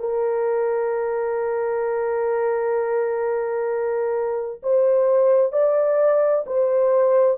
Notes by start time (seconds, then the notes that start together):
0.00 A#4
4.63 C5
5.53 D5
6.47 C5